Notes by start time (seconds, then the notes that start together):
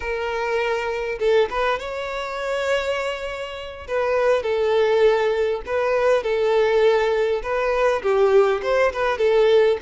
0.00 A#4
1.19 A4
1.50 B4
1.79 C#5
3.87 B4
4.43 A4
5.66 B4
6.23 A4
7.42 B4
8.02 G4
8.62 C5
8.92 B4
9.18 A4